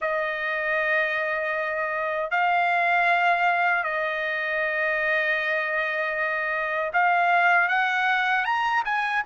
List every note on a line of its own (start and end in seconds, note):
0.01 2.30 D#5
2.30 3.83 F5
3.83 6.91 D#5
6.93 7.68 F5
7.68 8.44 F#5
8.44 8.83 A#5
8.85 9.23 G#5